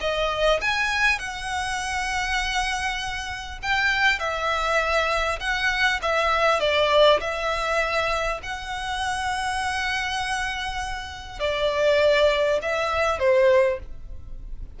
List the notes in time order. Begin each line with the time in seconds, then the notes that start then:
0.00 D#5
0.61 G#5
1.18 F#5
3.62 G5
4.19 E5
5.40 F#5
6.02 E5
6.59 D5
7.20 E5
8.42 F#5
11.39 D5
12.62 E5
13.19 C5